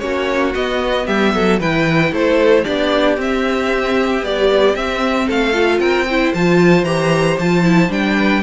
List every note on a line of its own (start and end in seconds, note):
0.00 0.55 A#3
0.00 0.54 C#4
0.00 1.07 F#4
0.00 0.53 C#5
0.55 1.60 B3
0.55 1.08 B3
0.55 1.07 D#5
1.07 1.34 G3
1.07 1.33 G4
1.07 1.60 E5
1.34 1.61 F#3
1.34 1.60 A4
1.60 2.12 E3
1.60 2.64 E4
1.60 2.12 B4
1.60 2.14 G5
2.12 2.65 A3
2.12 2.62 A4
2.12 2.64 C5
2.62 3.18 B3
2.62 3.17 D4
2.62 5.26 G4
2.62 3.17 D5
3.17 4.22 C4
3.17 4.25 E5
4.22 4.75 G3
4.22 4.75 B3
4.22 4.75 D5
4.75 5.53 C4
4.75 5.29 C4
4.75 5.28 E5
5.27 5.80 A3
5.27 5.80 A4
5.27 5.80 F5
5.53 6.05 F4
5.80 6.32 C4
5.80 6.06 A#4
5.80 6.32 G5
6.10 6.36 E4
6.10 8.17 C5
6.34 6.83 F3
6.34 6.86 F4
6.34 6.85 A5
6.83 7.36 E3
6.83 7.39 G4
6.83 7.37 A#5
7.39 7.89 F3
7.39 7.63 F4
7.39 7.92 A5
7.63 7.89 E4
7.89 8.42 G3
7.89 8.42 D4
7.89 8.43 G5
8.17 8.43 B4